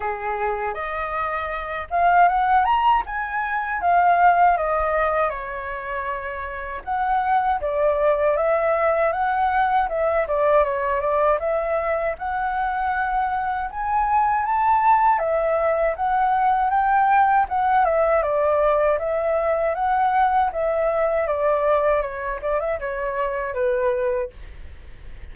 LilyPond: \new Staff \with { instrumentName = "flute" } { \time 4/4 \tempo 4 = 79 gis'4 dis''4. f''8 fis''8 ais''8 | gis''4 f''4 dis''4 cis''4~ | cis''4 fis''4 d''4 e''4 | fis''4 e''8 d''8 cis''8 d''8 e''4 |
fis''2 gis''4 a''4 | e''4 fis''4 g''4 fis''8 e''8 | d''4 e''4 fis''4 e''4 | d''4 cis''8 d''16 e''16 cis''4 b'4 | }